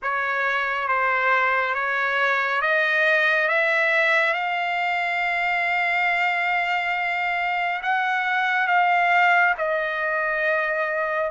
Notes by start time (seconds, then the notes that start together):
0.02 C#5
0.88 C5
1.74 C#5
2.61 D#5
3.48 E5
4.33 F5
7.82 F#5
8.67 F5
9.57 D#5